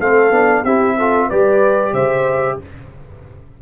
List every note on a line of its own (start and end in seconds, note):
0.00 0.30 A3
0.00 0.32 C4
0.00 0.63 A4
0.00 0.65 F5
0.30 0.63 B3
0.30 0.64 D4
0.63 1.29 C4
0.63 0.99 E4
0.63 0.96 G4
0.63 1.30 E5
0.97 1.31 F4
0.97 1.28 A4
1.28 1.93 G3
1.28 2.62 G4
1.28 1.93 B4
1.28 1.94 D5
1.93 2.58 C#3
1.93 2.58 C5
1.93 2.59 E5